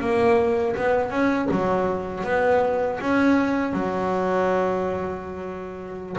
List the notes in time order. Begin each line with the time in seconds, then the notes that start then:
0.00 A#3
0.76 B3
1.10 C#4
1.51 F#3
2.24 B3
3.00 C#4
3.73 F#3